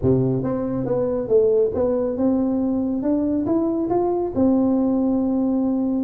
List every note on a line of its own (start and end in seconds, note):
0.02 0.43 C3
0.43 0.85 C4
0.85 1.28 B3
1.28 1.71 A3
1.74 2.17 B3
2.17 3.02 C4
3.02 3.45 D4
3.46 3.89 E4
3.89 4.32 F4
4.35 6.04 C4